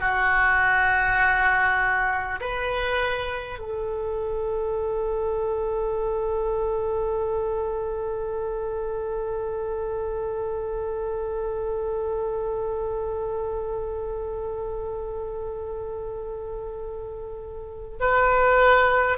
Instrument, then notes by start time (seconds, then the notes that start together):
oboe
0.00 F#4
2.41 B4
3.59 A4
18.00 B4